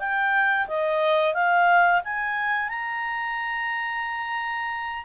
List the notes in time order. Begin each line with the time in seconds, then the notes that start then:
0.00 G5
0.68 D#5
1.34 F5
2.05 G#5
2.69 A#5